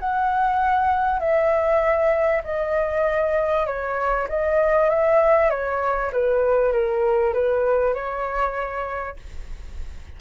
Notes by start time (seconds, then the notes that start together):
0.00 F#5
1.20 E5
2.44 D#5
3.67 C#5
4.29 D#5
4.90 E5
5.50 C#5
6.13 B4
6.73 A#4
7.34 B4
7.94 C#5